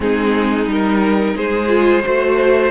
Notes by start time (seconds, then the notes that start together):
0.00 G#3 C4 D#4 G#4
0.66 G3 D#4 A#4
1.36 G#3 G#4 C5
1.67 F4
2.03 A3 F#4 C5